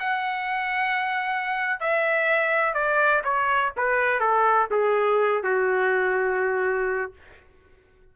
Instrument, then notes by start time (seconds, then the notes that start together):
trumpet
0.00 F#5
1.80 E5
2.74 D5
3.25 C#5
3.77 B4
4.21 A4
4.71 G#4
5.43 F#4